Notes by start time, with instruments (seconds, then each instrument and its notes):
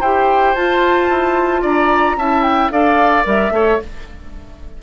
0.00 bassoon E4, clarinet G4, oboe C5, flute G5
0.55 bassoon F4, clarinet F4, flute A5
1.09 bassoon E4
1.62 bassoon D4, oboe D5, flute A#5
2.16 bassoon C#4, clarinet E4, oboe E5, flute A5
2.43 flute G5
2.71 bassoon D4, clarinet A4, oboe D5, flute F5
3.24 bassoon G3, clarinet A#4, flute E5
3.51 bassoon A3, clarinet A4, oboe C#5